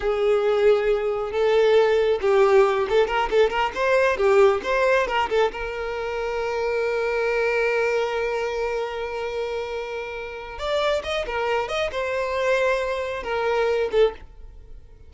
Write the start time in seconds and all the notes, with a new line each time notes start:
0.00 G#4
1.31 A4
2.21 G4
2.89 A4
3.07 A#4
3.30 A4
3.50 A#4
3.74 C5
4.17 G4
4.63 C5
5.07 A#4
5.29 A4
5.52 A#4
10.58 D5
11.03 D#5
11.26 A#4
11.68 D#5
11.91 C5
13.23 A#4
13.91 A4